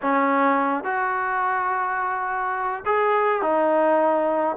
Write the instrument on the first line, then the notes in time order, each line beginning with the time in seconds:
trombone
0.02 C#4
0.84 F#4
2.85 G#4
3.42 D#4